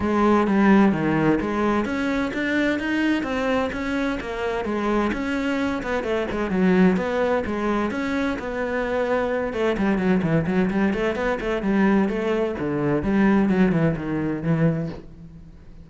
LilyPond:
\new Staff \with { instrumentName = "cello" } { \time 4/4 \tempo 4 = 129 gis4 g4 dis4 gis4 | cis'4 d'4 dis'4 c'4 | cis'4 ais4 gis4 cis'4~ | cis'8 b8 a8 gis8 fis4 b4 |
gis4 cis'4 b2~ | b8 a8 g8 fis8 e8 fis8 g8 a8 | b8 a8 g4 a4 d4 | g4 fis8 e8 dis4 e4 | }